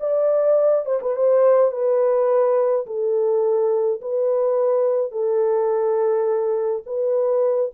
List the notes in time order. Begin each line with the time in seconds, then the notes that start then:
0.00 D5
0.85 C5
1.02 B4
1.16 C5
1.72 B4
2.86 A4
4.01 B4
5.11 A4
6.86 B4